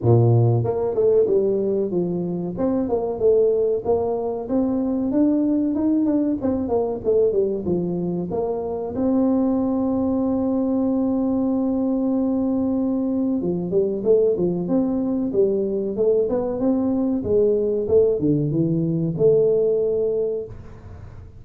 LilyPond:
\new Staff \with { instrumentName = "tuba" } { \time 4/4 \tempo 4 = 94 ais,4 ais8 a8 g4 f4 | c'8 ais8 a4 ais4 c'4 | d'4 dis'8 d'8 c'8 ais8 a8 g8 | f4 ais4 c'2~ |
c'1~ | c'4 f8 g8 a8 f8 c'4 | g4 a8 b8 c'4 gis4 | a8 d8 e4 a2 | }